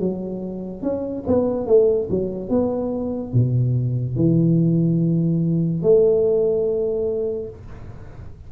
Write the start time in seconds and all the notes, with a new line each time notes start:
0.00 F#3
0.82 C#4
1.27 B3
1.67 A3
2.10 F#3
2.50 B3
3.33 B2
4.16 E3
5.83 A3